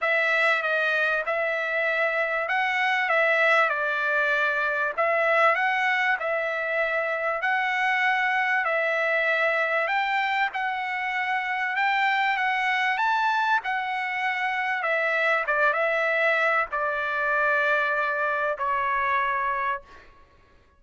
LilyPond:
\new Staff \with { instrumentName = "trumpet" } { \time 4/4 \tempo 4 = 97 e''4 dis''4 e''2 | fis''4 e''4 d''2 | e''4 fis''4 e''2 | fis''2 e''2 |
g''4 fis''2 g''4 | fis''4 a''4 fis''2 | e''4 d''8 e''4. d''4~ | d''2 cis''2 | }